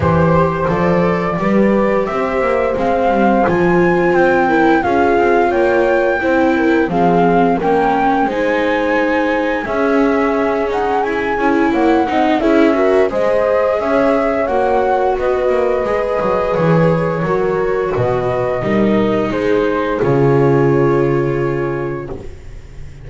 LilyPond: <<
  \new Staff \with { instrumentName = "flute" } { \time 4/4 \tempo 4 = 87 c''4 d''2 e''4 | f''4 gis''4 g''4 f''4 | g''2 f''4 g''4 | gis''2 e''4. fis''8 |
gis''4 fis''4 e''4 dis''4 | e''4 fis''4 dis''2 | cis''2 dis''2 | c''4 cis''2. | }
  \new Staff \with { instrumentName = "horn" } { \time 4/4 c''2 b'4 c''4~ | c''2~ c''8 ais'8 gis'4 | cis''4 c''8 ais'8 gis'4 ais'4 | c''2 gis'2~ |
gis'4 cis''8 dis''8 gis'8 ais'8 c''4 | cis''2 b'2~ | b'4 ais'4 b'4 ais'4 | gis'1 | }
  \new Staff \with { instrumentName = "viola" } { \time 4/4 g'4 a'4 g'2 | c'4 f'4. e'8 f'4~ | f'4 e'4 c'4 cis'4 | dis'2 cis'2~ |
cis'8 e'4 dis'8 e'8 fis'8 gis'4~ | gis'4 fis'2 gis'4~ | gis'4 fis'2 dis'4~ | dis'4 f'2. | }
  \new Staff \with { instrumentName = "double bass" } { \time 4/4 e4 f4 g4 c'8 ais8 | gis8 g8 f4 c'4 cis'8 c'8 | ais4 c'4 f4 ais4 | gis2 cis'4. dis'8 |
e'8 cis'8 ais8 c'8 cis'4 gis4 | cis'4 ais4 b8 ais8 gis8 fis8 | e4 fis4 b,4 g4 | gis4 cis2. | }
>>